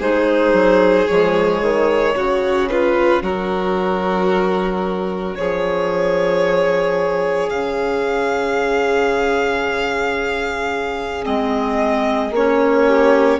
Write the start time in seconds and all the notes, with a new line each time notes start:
0.00 G#3 D#4 G#4 C5
0.53 F#3
1.08 F3 G#3 C#5
1.62 D#3
2.15 C#3 C#4 F#4
2.69 F4 B4
3.22 F#3 F#4 A#4
5.35 F3 G#4 C#5
7.50 C#3 F5
11.23 G#3 C4 D#5
12.31 A#3 C#5
12.37 C#4
12.86 G4